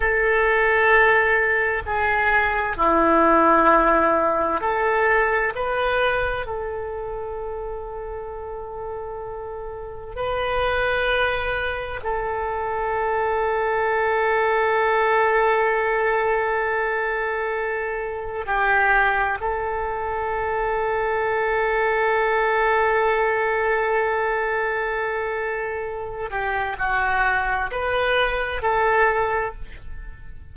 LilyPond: \new Staff \with { instrumentName = "oboe" } { \time 4/4 \tempo 4 = 65 a'2 gis'4 e'4~ | e'4 a'4 b'4 a'4~ | a'2. b'4~ | b'4 a'2.~ |
a'1 | g'4 a'2.~ | a'1~ | a'8 g'8 fis'4 b'4 a'4 | }